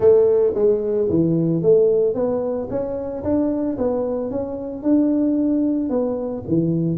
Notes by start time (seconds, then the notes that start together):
0.00 A3
0.54 G#3
1.09 E3
1.62 A3
2.14 B3
2.69 C#4
3.23 D4
3.77 B3
4.30 C#4
4.82 D4
5.89 B3
6.47 E3